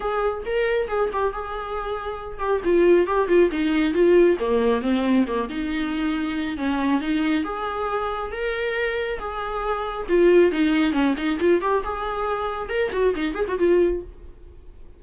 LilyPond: \new Staff \with { instrumentName = "viola" } { \time 4/4 \tempo 4 = 137 gis'4 ais'4 gis'8 g'8 gis'4~ | gis'4. g'8 f'4 g'8 f'8 | dis'4 f'4 ais4 c'4 | ais8 dis'2~ dis'8 cis'4 |
dis'4 gis'2 ais'4~ | ais'4 gis'2 f'4 | dis'4 cis'8 dis'8 f'8 g'8 gis'4~ | gis'4 ais'8 fis'8 dis'8 gis'16 fis'16 f'4 | }